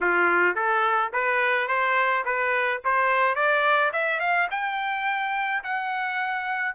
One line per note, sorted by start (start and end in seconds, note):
0.01 0.55 F4
0.55 1.11 A4
1.12 1.68 B4
1.68 2.24 C5
2.25 2.81 B4
2.84 3.35 C5
3.35 3.91 D5
3.93 4.20 E5
4.20 4.48 F5
4.51 5.63 G5
5.63 6.75 F#5